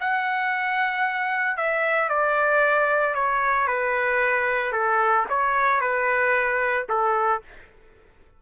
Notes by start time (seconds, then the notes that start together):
0.00 F#5
1.57 E5
2.09 D5
3.14 C#5
3.67 B4
4.72 A4
5.29 C#5
5.80 B4
6.89 A4